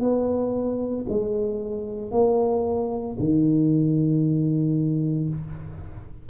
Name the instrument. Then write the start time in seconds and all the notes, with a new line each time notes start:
tuba
0.00 B3
1.09 G#3
2.11 A#3
3.19 D#3